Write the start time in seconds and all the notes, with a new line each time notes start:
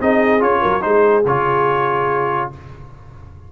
0.00 C4 D#4 G#4 D#5
0.40 C#4 F4 C#5
0.62 F#3 A#4
0.81 G#3 D#4 G#4 C5
1.26 C#3 F4 C#5